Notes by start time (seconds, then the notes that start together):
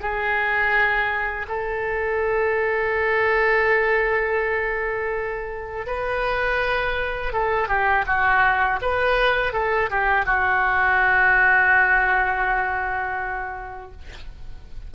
0.00 G#4
1.48 A4
5.86 B4
7.32 A4
7.68 G4
8.06 F#4
8.81 B4
9.53 A4
9.90 G4
10.25 F#4